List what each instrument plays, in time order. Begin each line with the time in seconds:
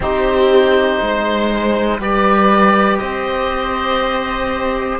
0.00 cello C4, trombone D#4, viola G4, oboe C5
1.02 cello G#3, viola C5
1.98 cello G3, trombone G4, viola B4, oboe D5
2.98 cello C4, viola C5, oboe D#5